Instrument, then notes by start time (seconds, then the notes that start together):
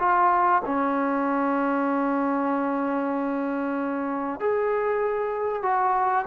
trombone
0.00 F4
0.66 C#4
4.40 G#4
5.63 F#4